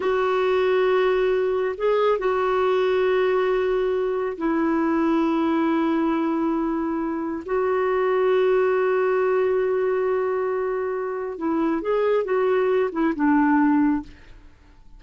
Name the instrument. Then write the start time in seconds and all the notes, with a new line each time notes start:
clarinet
0.00 F#4
1.77 G#4
2.18 F#4
4.37 E4
7.45 F#4
11.37 E4
11.81 G#4
12.24 F#4
12.92 E4
13.15 D4